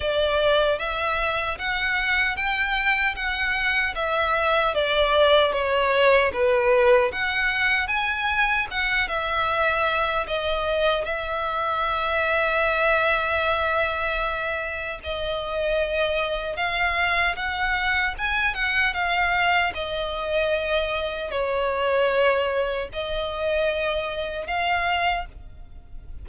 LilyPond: \new Staff \with { instrumentName = "violin" } { \time 4/4 \tempo 4 = 76 d''4 e''4 fis''4 g''4 | fis''4 e''4 d''4 cis''4 | b'4 fis''4 gis''4 fis''8 e''8~ | e''4 dis''4 e''2~ |
e''2. dis''4~ | dis''4 f''4 fis''4 gis''8 fis''8 | f''4 dis''2 cis''4~ | cis''4 dis''2 f''4 | }